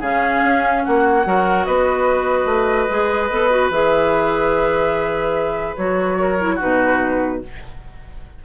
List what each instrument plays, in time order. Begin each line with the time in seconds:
0.00 bassoon C#3, clarinet C#4, oboe G#4, flute F5
0.43 bassoon C#4
0.84 bassoon A#3, oboe F#4, flute F#5
1.25 bassoon F#3, clarinet F#4, oboe A#4
1.65 bassoon B3, oboe B4, flute D#5
2.45 bassoon A3
2.90 bassoon G#3, clarinet G#4
3.31 bassoon B3, clarinet A4
3.50 clarinet F#4
3.70 bassoon E3, clarinet G#4, flute E5
5.76 bassoon F#3, clarinet F#4, flute C#5
6.19 oboe A#4
6.39 clarinet E4
6.55 clarinet D#4, oboe F#4, flute B4
6.62 bassoon B2